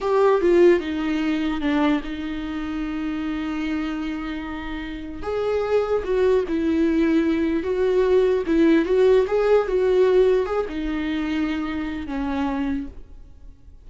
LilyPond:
\new Staff \with { instrumentName = "viola" } { \time 4/4 \tempo 4 = 149 g'4 f'4 dis'2 | d'4 dis'2.~ | dis'1~ | dis'4 gis'2 fis'4 |
e'2. fis'4~ | fis'4 e'4 fis'4 gis'4 | fis'2 gis'8 dis'4.~ | dis'2 cis'2 | }